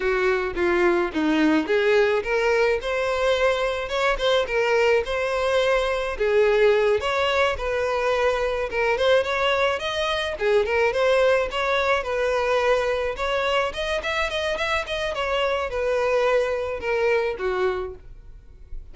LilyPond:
\new Staff \with { instrumentName = "violin" } { \time 4/4 \tempo 4 = 107 fis'4 f'4 dis'4 gis'4 | ais'4 c''2 cis''8 c''8 | ais'4 c''2 gis'4~ | gis'8 cis''4 b'2 ais'8 |
c''8 cis''4 dis''4 gis'8 ais'8 c''8~ | c''8 cis''4 b'2 cis''8~ | cis''8 dis''8 e''8 dis''8 e''8 dis''8 cis''4 | b'2 ais'4 fis'4 | }